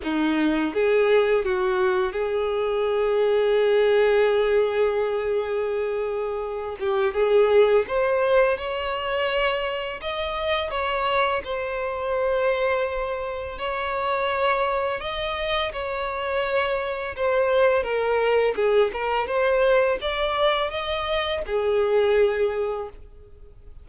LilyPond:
\new Staff \with { instrumentName = "violin" } { \time 4/4 \tempo 4 = 84 dis'4 gis'4 fis'4 gis'4~ | gis'1~ | gis'4. g'8 gis'4 c''4 | cis''2 dis''4 cis''4 |
c''2. cis''4~ | cis''4 dis''4 cis''2 | c''4 ais'4 gis'8 ais'8 c''4 | d''4 dis''4 gis'2 | }